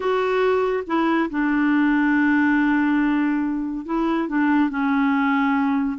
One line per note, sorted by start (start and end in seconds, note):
0.00 0.83 F#4
0.86 1.29 E4
1.30 3.85 D4
3.85 4.28 E4
4.28 4.69 D4
4.69 5.98 C#4